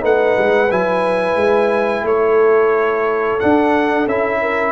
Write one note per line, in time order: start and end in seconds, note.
0.00 0.37 A3
0.00 0.67 D#4
0.00 2.04 B4
0.00 0.71 F#5
0.37 0.71 G#3
0.70 1.36 F#3
0.70 3.40 E4
0.70 2.06 G#5
1.36 2.03 G#3
2.03 3.38 A3
2.03 4.41 A4
2.03 3.39 C#5
3.39 4.07 D4
3.39 4.06 D4
3.39 4.07 F#5
4.06 4.71 C#4
4.06 4.71 E4
4.06 4.71 E5
4.41 4.71 A#4